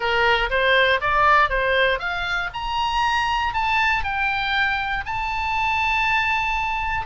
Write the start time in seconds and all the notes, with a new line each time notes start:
0.00 A#4
0.50 C5
1.00 D5
1.49 C5
1.99 F5
2.53 A#5
3.53 A5
4.03 G5
5.05 A5